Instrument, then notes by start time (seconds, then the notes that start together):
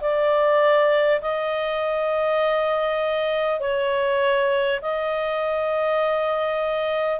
clarinet
0.00 D5
1.21 D#5
3.59 C#5
4.81 D#5